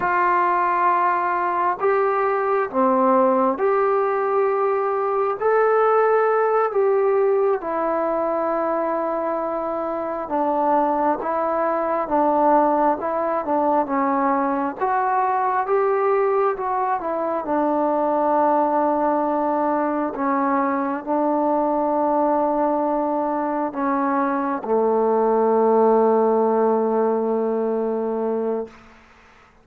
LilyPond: \new Staff \with { instrumentName = "trombone" } { \time 4/4 \tempo 4 = 67 f'2 g'4 c'4 | g'2 a'4. g'8~ | g'8 e'2. d'8~ | d'8 e'4 d'4 e'8 d'8 cis'8~ |
cis'8 fis'4 g'4 fis'8 e'8 d'8~ | d'2~ d'8 cis'4 d'8~ | d'2~ d'8 cis'4 a8~ | a1 | }